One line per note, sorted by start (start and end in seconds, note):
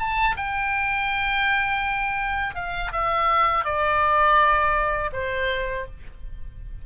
0.00 0.37 A5
0.37 2.56 G5
2.56 2.92 F5
2.93 3.65 E5
3.65 5.11 D5
5.13 5.86 C5